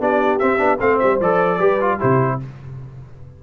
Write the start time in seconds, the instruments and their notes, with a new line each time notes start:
0.00 tuba B3, trombone D4, horn G4, trumpet D5
0.39 trombone C4, tuba C4, trumpet E5
0.58 tuba B3, trombone D4
0.80 tuba A3, trombone C4, horn C5, trumpet F5
0.99 tuba G3, trumpet E5
1.21 tuba F3, trombone A4, trumpet D5
1.58 tuba G3, trombone G4, horn B4
1.81 trombone F4
1.98 tuba C3, trombone E4, horn G4, trumpet C5